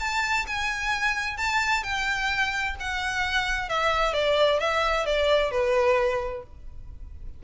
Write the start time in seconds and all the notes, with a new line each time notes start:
0.00 A5
0.47 G#5
1.37 A5
1.84 G5
2.80 F#5
3.69 E5
4.14 D5
4.60 E5
5.06 D5
5.51 B4